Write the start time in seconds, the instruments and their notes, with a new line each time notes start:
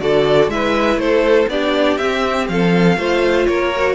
0.00 cello D3, viola F#4, violin A4 D5
0.48 cello G#3, viola E4, violin B4 E5
0.97 cello A3, violin A4 C5
1.48 cello B3, viola D4, violin G4 D5
1.98 viola C4, cello C4, violin E5
2.49 cello F3, violin A4 F5
2.98 cello A3, viola F4, violin C5
3.46 cello A#3, violin A#4 C#5
3.75 viola F#4